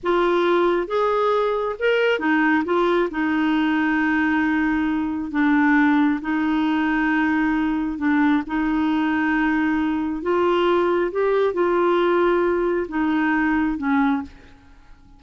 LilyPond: \new Staff \with { instrumentName = "clarinet" } { \time 4/4 \tempo 4 = 135 f'2 gis'2 | ais'4 dis'4 f'4 dis'4~ | dis'1 | d'2 dis'2~ |
dis'2 d'4 dis'4~ | dis'2. f'4~ | f'4 g'4 f'2~ | f'4 dis'2 cis'4 | }